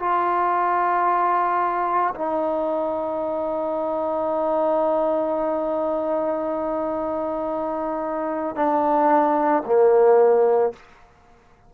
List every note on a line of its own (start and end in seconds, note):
0.00 2.14 F4
2.15 8.56 D#4
8.56 9.63 D4
9.66 10.73 A#3